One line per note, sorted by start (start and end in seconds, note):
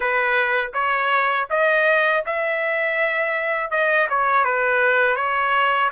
0.00 0.71 B4
0.73 1.47 C#5
1.49 2.24 D#5
2.26 3.70 E5
3.70 4.07 D#5
4.09 4.44 C#5
4.44 5.15 B4
5.15 5.90 C#5